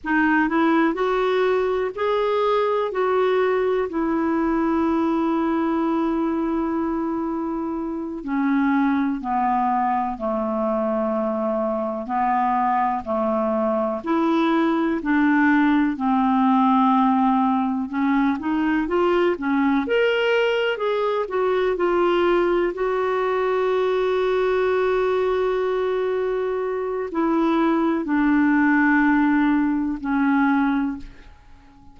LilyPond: \new Staff \with { instrumentName = "clarinet" } { \time 4/4 \tempo 4 = 62 dis'8 e'8 fis'4 gis'4 fis'4 | e'1~ | e'8 cis'4 b4 a4.~ | a8 b4 a4 e'4 d'8~ |
d'8 c'2 cis'8 dis'8 f'8 | cis'8 ais'4 gis'8 fis'8 f'4 fis'8~ | fis'1 | e'4 d'2 cis'4 | }